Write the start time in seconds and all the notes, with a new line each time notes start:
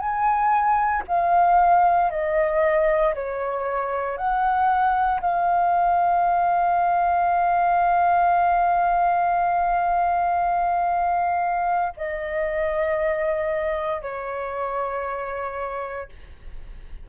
0.00 G#5
1.08 F5
2.11 D#5
3.15 C#5
4.18 F#5
5.21 F5
11.97 D#5
14.02 C#5